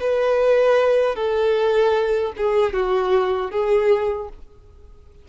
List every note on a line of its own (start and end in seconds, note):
0.00 1.15 B4
1.15 2.32 A4
2.37 2.73 G#4
2.73 3.51 F#4
3.51 4.29 G#4